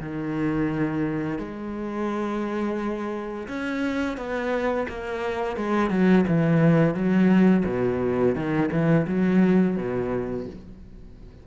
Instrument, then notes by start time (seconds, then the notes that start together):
cello
0.00 D#3
1.38 G#3
3.48 C#4
4.17 B3
4.88 A#3
5.57 G#3
5.90 F#3
6.28 E3
6.94 F#3
7.65 B2
8.35 D#3
8.72 E3
9.07 F#3
9.77 B2